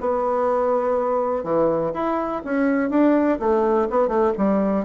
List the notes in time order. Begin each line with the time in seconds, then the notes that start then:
0.00 B3
1.43 E3
1.93 E4
2.44 C#4
2.90 D4
3.39 A3
3.89 B3
4.08 A3
4.37 G3